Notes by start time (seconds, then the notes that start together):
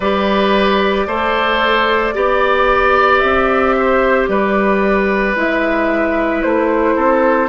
0.00 G3 G4 B4 D5
1.06 A3 A4 C5
2.13 B3 G4 D5
3.19 C4 E5
3.78 C5
4.28 G3 B4 D5
5.35 G#3 E4 E5
6.42 A3 C5
6.95 C4 A4